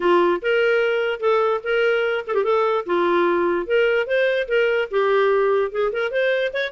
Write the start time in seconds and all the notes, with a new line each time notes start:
0.00 F4
0.42 A#4
1.20 A4
1.63 A#4
2.27 A4
2.34 G4
2.43 A4
2.86 F4
3.66 A#4
4.06 C5
4.48 A#4
4.91 G4
5.71 G#4
5.92 A#4
6.11 C5
6.53 C#5